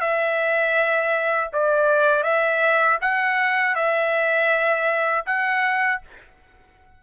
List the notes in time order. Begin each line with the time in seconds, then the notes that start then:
0.00 E5
1.52 D5
2.23 E5
3.01 F#5
3.75 E5
5.26 F#5